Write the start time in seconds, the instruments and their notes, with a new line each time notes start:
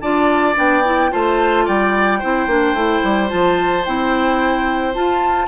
0.00 bassoon D4, clarinet F4, oboe D5, flute A5
0.55 bassoon B3, clarinet D4, flute G5
0.84 clarinet E4
1.11 bassoon A3, clarinet F4, oboe C5, flute A5
1.65 bassoon G3, oboe D5, flute G5
2.19 bassoon C4, clarinet E4, oboe C5
2.46 bassoon A#3, clarinet D4
2.73 bassoon A3, clarinet E4
3.04 bassoon G3
3.28 bassoon F3, clarinet F4, flute A5
3.85 bassoon C4, clarinet E4, flute G5
4.93 clarinet F4, bassoon F4, flute A5